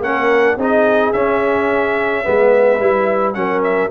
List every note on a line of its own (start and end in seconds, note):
0.00 0.56 A#3
0.00 0.58 C#4
0.00 0.58 A#4
0.00 0.58 F#5
0.56 1.12 C4
0.56 1.14 D#4
0.56 2.24 G#4
0.56 1.12 D#5
1.12 2.24 C#4
1.12 2.25 C#4
1.12 3.34 E5
2.24 2.80 G#3
2.24 2.79 B3
2.24 3.35 B4
2.80 3.35 G3
2.80 3.34 E4
3.34 3.91 F#3
3.34 3.90 C#4
3.34 3.91 A#4
3.34 3.61 F#5
3.63 3.91 E5